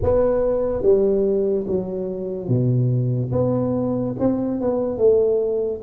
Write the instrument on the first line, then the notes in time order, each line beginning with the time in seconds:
tuba
0.02 B3
0.82 G3
1.67 F#3
2.48 B2
3.31 B3
4.19 C4
4.60 B3
4.97 A3